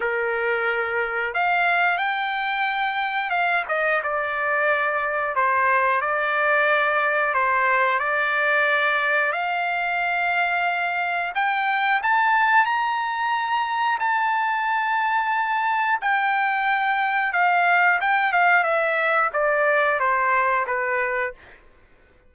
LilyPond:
\new Staff \with { instrumentName = "trumpet" } { \time 4/4 \tempo 4 = 90 ais'2 f''4 g''4~ | g''4 f''8 dis''8 d''2 | c''4 d''2 c''4 | d''2 f''2~ |
f''4 g''4 a''4 ais''4~ | ais''4 a''2. | g''2 f''4 g''8 f''8 | e''4 d''4 c''4 b'4 | }